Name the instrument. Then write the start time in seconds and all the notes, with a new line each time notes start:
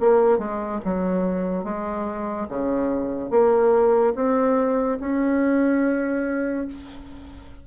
bassoon
0.00 A#3
0.39 G#3
0.85 F#3
1.64 G#3
2.49 C#3
3.30 A#3
4.15 C4
5.00 C#4